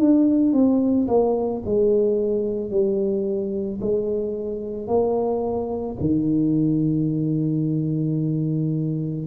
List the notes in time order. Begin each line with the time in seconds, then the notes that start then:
0.00 D4
0.53 C4
1.08 A#3
1.66 G#3
2.71 G3
3.81 G#3
4.88 A#3
6.00 D#3